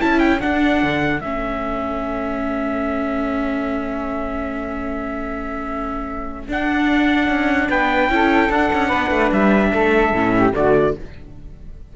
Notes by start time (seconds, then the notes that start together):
0.00 C#4 E4 A4 A5
0.20 G5
0.40 D4 F#5
0.83 D3
1.21 A3 C#4 E5
6.49 D4 F#5
7.29 C#4
7.70 B3 B4 G5
8.09 C#4 E4 A4
8.50 D4 F#5
8.73 C#4
8.88 B3 B4
9.11 A3
9.32 G3 E5
9.73 A3 A4
10.13 A2 C#4
10.37 G4
10.54 D3 A3 F#4 D5